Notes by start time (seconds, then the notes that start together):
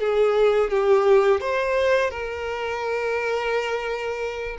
0.00 G#4
0.70 G4
1.41 C5
2.10 A#4